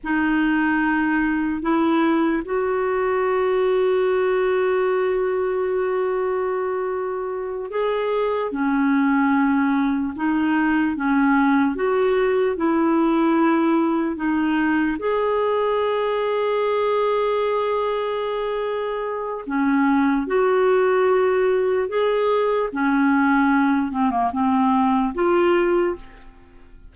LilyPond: \new Staff \with { instrumentName = "clarinet" } { \time 4/4 \tempo 4 = 74 dis'2 e'4 fis'4~ | fis'1~ | fis'4. gis'4 cis'4.~ | cis'8 dis'4 cis'4 fis'4 e'8~ |
e'4. dis'4 gis'4.~ | gis'1 | cis'4 fis'2 gis'4 | cis'4. c'16 ais16 c'4 f'4 | }